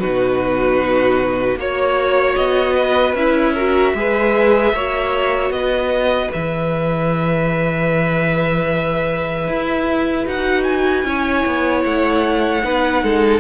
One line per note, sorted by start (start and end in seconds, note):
0.00 1.56 B2
0.00 1.58 D#4
0.00 1.59 F#4
0.00 1.58 B4
1.56 2.35 A#3
1.56 3.16 F#4
1.56 2.74 C#5
1.56 2.36 C#5
2.36 3.14 B3
2.36 3.15 D#5
2.74 3.53 B4
3.14 3.93 C#4
3.14 3.57 E4
3.14 5.52 E5
3.54 3.96 F#4
3.54 3.94 A#4
3.94 4.73 G#3
3.94 4.75 G#4
3.94 4.75 B4
4.73 5.50 A#3
4.73 6.33 F#4
4.73 5.54 C#5
5.50 6.29 B3
5.50 6.31 D#5
5.57 11.07 B4
6.33 9.48 E3
6.33 10.26 G#4
6.33 10.28 E5
9.48 10.27 E4
10.26 11.05 D#4
10.26 11.05 F#4
10.26 10.64 F#5
10.64 11.82 G#5
11.05 11.44 C#4
11.05 12.63 E4
11.05 12.65 C#5
11.46 11.85 B3
11.85 12.64 A3
11.85 13.40 F#5
12.63 13.03 B3
12.63 13.40 D#4
12.63 13.04 B4
13.03 13.40 G#3
13.03 13.40 A4